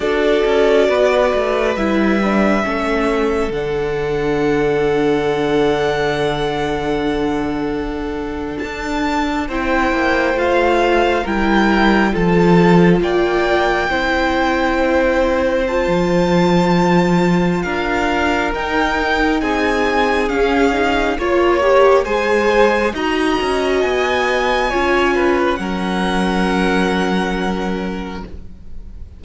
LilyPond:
<<
  \new Staff \with { instrumentName = "violin" } { \time 4/4 \tempo 4 = 68 d''2 e''2 | fis''1~ | fis''4.~ fis''16 a''4 g''4 f''16~ | f''8. g''4 a''4 g''4~ g''16~ |
g''4.~ g''16 a''2~ a''16 | f''4 g''4 gis''4 f''4 | cis''4 gis''4 ais''4 gis''4~ | gis''4 fis''2. | }
  \new Staff \with { instrumentName = "violin" } { \time 4/4 a'4 b'2 a'4~ | a'1~ | a'2~ a'8. c''4~ c''16~ | c''8. ais'4 a'4 d''4 c''16~ |
c''1 | ais'2 gis'2 | cis''4 c''4 dis''2 | cis''8 b'8 ais'2. | }
  \new Staff \with { instrumentName = "viola" } { \time 4/4 fis'2 e'8 d'8 cis'4 | d'1~ | d'2~ d'8. e'4 f'16~ | f'8. e'4 f'2 e'16~ |
e'4.~ e'16 f'2~ f'16~ | f'4 dis'2 cis'8 dis'8 | f'8 g'8 gis'4 fis'2 | f'4 cis'2. | }
  \new Staff \with { instrumentName = "cello" } { \time 4/4 d'8 cis'8 b8 a8 g4 a4 | d1~ | d4.~ d16 d'4 c'8 ais8 a16~ | a8. g4 f4 ais4 c'16~ |
c'2 f2 | d'4 dis'4 c'4 cis'4 | ais4 gis4 dis'8 cis'8 b4 | cis'4 fis2. | }
>>